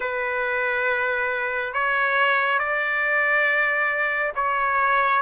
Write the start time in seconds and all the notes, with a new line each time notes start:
0.00 B4
1.73 C#5
2.58 D5
4.35 C#5